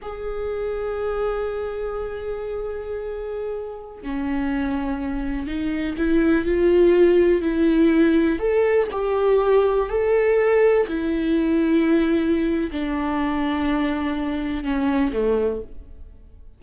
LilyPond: \new Staff \with { instrumentName = "viola" } { \time 4/4 \tempo 4 = 123 gis'1~ | gis'1~ | gis'16 cis'2. dis'8.~ | dis'16 e'4 f'2 e'8.~ |
e'4~ e'16 a'4 g'4.~ g'16~ | g'16 a'2 e'4.~ e'16~ | e'2 d'2~ | d'2 cis'4 a4 | }